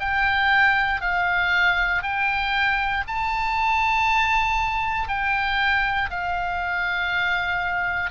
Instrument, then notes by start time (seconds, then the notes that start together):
oboe
0.00 G5
1.02 F5
2.03 G5
3.07 A5
5.08 G5
6.10 F5